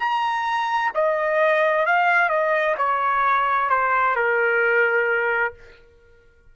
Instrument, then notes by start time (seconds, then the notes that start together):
trumpet
0.00 A#5
0.95 D#5
1.87 F5
2.30 D#5
2.78 C#5
3.70 C5
4.16 A#4